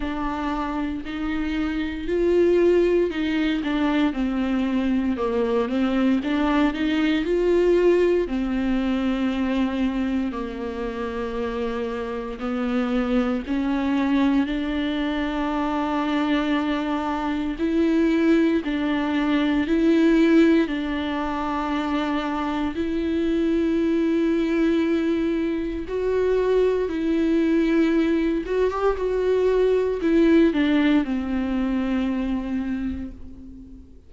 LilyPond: \new Staff \with { instrumentName = "viola" } { \time 4/4 \tempo 4 = 58 d'4 dis'4 f'4 dis'8 d'8 | c'4 ais8 c'8 d'8 dis'8 f'4 | c'2 ais2 | b4 cis'4 d'2~ |
d'4 e'4 d'4 e'4 | d'2 e'2~ | e'4 fis'4 e'4. fis'16 g'16 | fis'4 e'8 d'8 c'2 | }